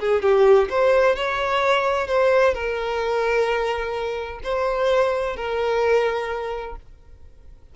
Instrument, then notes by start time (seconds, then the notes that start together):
violin
0.00 G#4
0.22 G4
0.70 C5
1.16 C#5
2.08 C5
2.54 A#4
4.44 C5
5.36 A#4